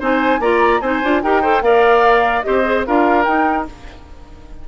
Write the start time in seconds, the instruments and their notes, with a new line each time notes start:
0.00 bassoon C4, clarinet D#4, oboe C5, flute G#5
0.40 bassoon A#3, clarinet F4, oboe D5, flute A#5
0.81 bassoon C4, clarinet D#4, oboe C5, flute G#5
1.04 bassoon D4, clarinet F4
1.23 bassoon D#4, clarinet G4, oboe A#4, flute G5
1.42 clarinet A4, oboe C5
1.62 bassoon A#3, clarinet A#4, oboe D5, flute F5
2.43 bassoon C4, clarinet G4, oboe C5, flute D#5
2.64 clarinet G#4
2.87 bassoon D4, clarinet F4, oboe A#4, flute F5
3.25 clarinet D#4, bassoon D#4, flute G5